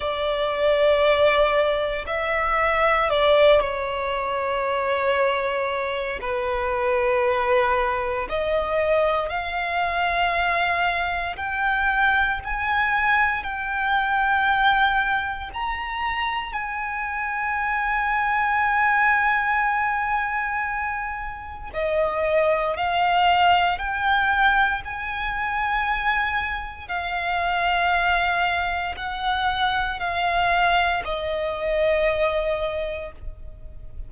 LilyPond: \new Staff \with { instrumentName = "violin" } { \time 4/4 \tempo 4 = 58 d''2 e''4 d''8 cis''8~ | cis''2 b'2 | dis''4 f''2 g''4 | gis''4 g''2 ais''4 |
gis''1~ | gis''4 dis''4 f''4 g''4 | gis''2 f''2 | fis''4 f''4 dis''2 | }